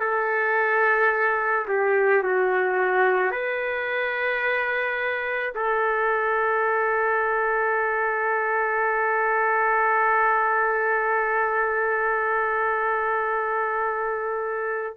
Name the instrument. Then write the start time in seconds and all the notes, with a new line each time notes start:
trumpet
0.00 A4
1.68 G4
2.23 F#4
3.31 B4
5.55 A4